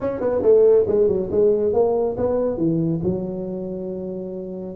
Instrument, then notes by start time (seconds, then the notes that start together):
tuba
0.00 C#4
0.20 B3
0.42 A3
0.87 G#3
1.08 F#3
1.31 G#3
1.73 A#3
2.17 B3
2.57 E3
3.03 F#3